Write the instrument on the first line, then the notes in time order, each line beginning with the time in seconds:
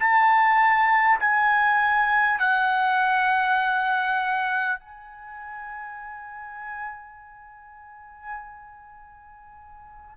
trumpet
0.00 A5
1.21 G#5
2.40 F#5
4.80 G#5